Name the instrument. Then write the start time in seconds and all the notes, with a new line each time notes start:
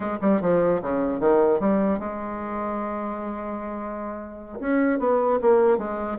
bassoon
0.00 G#3
0.21 G3
0.41 F3
0.81 C#3
1.20 D#3
1.59 G3
1.99 G#3
4.59 C#4
4.99 B3
5.41 A#3
5.78 G#3